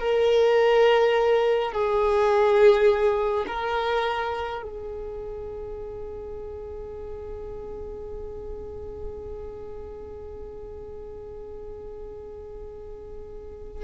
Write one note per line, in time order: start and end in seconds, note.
0.00 1.73 A#4
1.73 3.46 G#4
3.48 4.63 A#4
4.63 13.84 G#4